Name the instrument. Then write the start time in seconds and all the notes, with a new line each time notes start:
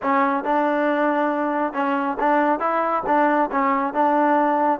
trombone
0.02 C#4
0.44 D4
1.73 C#4
2.19 D4
2.59 E4
3.06 D4
3.51 C#4
3.93 D4